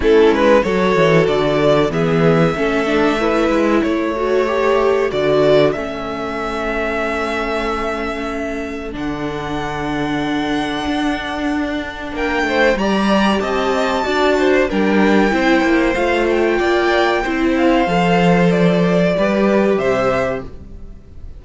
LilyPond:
<<
  \new Staff \with { instrumentName = "violin" } { \time 4/4 \tempo 4 = 94 a'8 b'8 cis''4 d''4 e''4~ | e''2 cis''2 | d''4 e''2.~ | e''2 fis''2~ |
fis''2. g''4 | ais''4 a''2 g''4~ | g''4 f''8 g''2 f''8~ | f''4 d''2 e''4 | }
  \new Staff \with { instrumentName = "violin" } { \time 4/4 e'4 a'2 gis'4 | a'4 b'4 a'2~ | a'1~ | a'1~ |
a'2. ais'8 c''8 | d''4 dis''4 d''8 c''8 ais'4 | c''2 d''4 c''4~ | c''2 b'4 c''4 | }
  \new Staff \with { instrumentName = "viola" } { \time 4/4 cis'4 fis'2 b4 | cis'8 d'8 e'4. fis'8 g'4 | fis'4 cis'2.~ | cis'2 d'2~ |
d'1 | g'2 fis'4 d'4 | e'4 f'2 e'4 | a'2 g'2 | }
  \new Staff \with { instrumentName = "cello" } { \time 4/4 a8 gis8 fis8 e8 d4 e4 | a4. gis8 a2 | d4 a2.~ | a2 d2~ |
d4 d'2 ais8 a8 | g4 c'4 d'4 g4 | c'8 ais8 a4 ais4 c'4 | f2 g4 c4 | }
>>